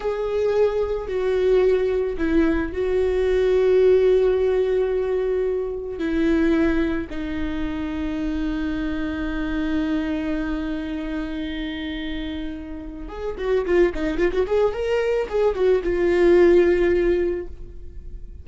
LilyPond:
\new Staff \with { instrumentName = "viola" } { \time 4/4 \tempo 4 = 110 gis'2 fis'2 | e'4 fis'2.~ | fis'2. e'4~ | e'4 dis'2.~ |
dis'1~ | dis'1 | gis'8 fis'8 f'8 dis'8 f'16 fis'16 gis'8 ais'4 | gis'8 fis'8 f'2. | }